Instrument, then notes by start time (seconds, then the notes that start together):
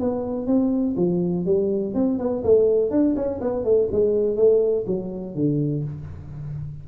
tuba
0.00 B3
0.47 C4
0.97 F3
1.46 G3
1.94 C4
2.19 B3
2.44 A3
2.91 D4
3.16 C#4
3.41 B3
3.65 A3
3.92 G#3
4.37 A3
4.87 F#3
5.35 D3